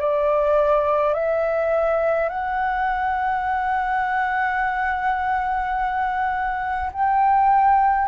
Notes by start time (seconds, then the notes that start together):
0.00 D5
1.14 E5
2.29 F#5
6.92 G5